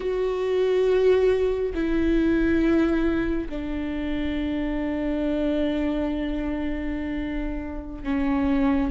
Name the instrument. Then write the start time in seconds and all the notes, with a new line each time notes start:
viola
0.00 F#4
1.74 E4
3.49 D4
8.03 C#4